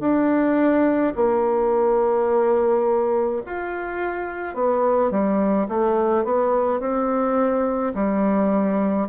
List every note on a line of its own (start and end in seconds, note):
0.00 1.13 D4
1.16 3.42 A#3
3.46 4.54 F4
4.54 5.11 B3
5.11 5.68 G3
5.69 6.24 A3
6.24 6.80 B3
6.80 7.93 C4
7.95 9.08 G3